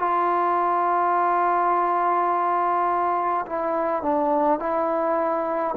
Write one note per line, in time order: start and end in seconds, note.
0.00 3.46 F4
3.47 4.03 E4
4.03 4.60 D4
4.60 5.75 E4